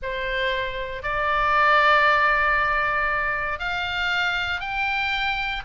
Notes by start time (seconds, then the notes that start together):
0.02 C5
1.02 D5
3.59 F5
4.60 G5